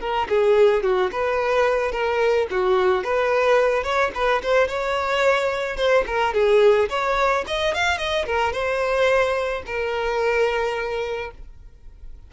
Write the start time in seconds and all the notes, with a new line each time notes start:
0.00 A#4
0.29 G#4
0.83 F#4
1.12 B4
1.92 A#4
2.50 F#4
3.04 B4
3.83 C#5
4.14 B4
4.43 C5
4.67 C#5
5.76 C5
6.06 A#4
6.34 G#4
6.89 C#5
7.47 D#5
7.74 F5
7.98 D#5
8.26 A#4
8.52 C5
9.66 A#4